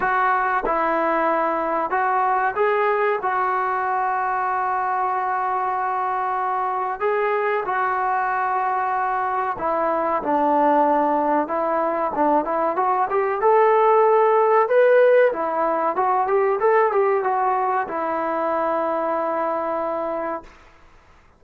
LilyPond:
\new Staff \with { instrumentName = "trombone" } { \time 4/4 \tempo 4 = 94 fis'4 e'2 fis'4 | gis'4 fis'2.~ | fis'2. gis'4 | fis'2. e'4 |
d'2 e'4 d'8 e'8 | fis'8 g'8 a'2 b'4 | e'4 fis'8 g'8 a'8 g'8 fis'4 | e'1 | }